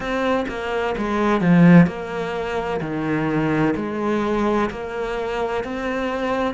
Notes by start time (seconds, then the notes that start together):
0.00 C4
0.48 A#3
0.97 G#3
1.40 F3
1.86 A#3
2.80 D#3
3.76 G#3
4.70 A#3
5.63 C4